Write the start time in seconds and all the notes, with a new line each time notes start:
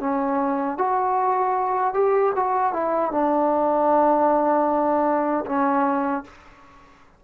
0.00 C#4
0.78 F#4
1.94 G4
2.36 F#4
2.73 E4
3.12 D4
5.47 C#4